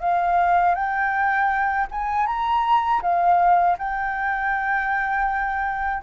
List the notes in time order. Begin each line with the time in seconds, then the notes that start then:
0.00 F5
0.74 G5
1.91 G#5
2.26 A#5
3.02 F5
3.78 G5